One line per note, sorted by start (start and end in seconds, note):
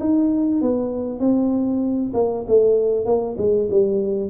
0.00 0.62 D#4
0.62 1.20 B3
1.20 2.13 C4
2.14 2.45 A#3
2.48 3.06 A3
3.06 3.37 A#3
3.38 3.69 G#3
3.71 4.30 G3